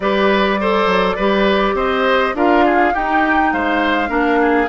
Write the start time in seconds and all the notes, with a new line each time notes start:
0.00 G3 G4 B4 D5
0.60 A4 C5
0.86 F#3
1.16 G3 G4 B4
1.73 C4 C5 D#5
2.34 D4 F4 A#4 F5
2.65 G#4
2.93 D#4 G4 G5
3.52 G#3 C5 F5
4.08 A#3 D4 A#4
4.40 G#4